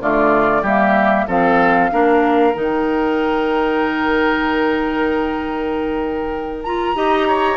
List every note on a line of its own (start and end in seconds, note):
0.00 0.62 D3
0.00 0.63 A3
0.00 0.62 F4
0.00 0.64 D5
0.62 1.25 G3
0.62 1.27 A#3
0.62 1.25 G4
0.62 1.28 E5
1.27 1.91 F3
1.27 1.90 C4
1.27 1.90 A4
1.27 2.54 F5
1.90 2.55 A#3
1.90 2.53 D4
1.90 6.96 A#4
2.54 6.94 D#3
2.54 6.64 D#4
2.54 6.63 G5
6.63 6.94 F4
6.63 7.57 A#5
6.94 7.57 D#4
6.94 7.57 G4
6.94 7.27 D#5
7.27 7.57 C#5